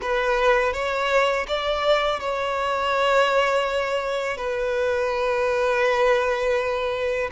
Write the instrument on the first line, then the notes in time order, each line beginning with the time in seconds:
violin
0.01 B4
0.73 C#5
1.47 D5
2.20 C#5
4.37 B4